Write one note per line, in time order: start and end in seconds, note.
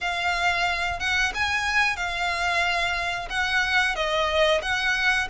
0.00 0.99 F5
0.99 1.32 F#5
1.34 1.96 G#5
1.96 3.28 F5
3.29 3.95 F#5
3.95 4.61 D#5
4.62 5.27 F#5